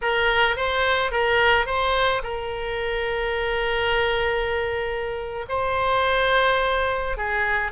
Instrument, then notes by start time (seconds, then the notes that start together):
oboe
0.01 A#4
0.56 C5
1.11 A#4
1.65 C5
2.23 A#4
5.49 C5
7.17 G#4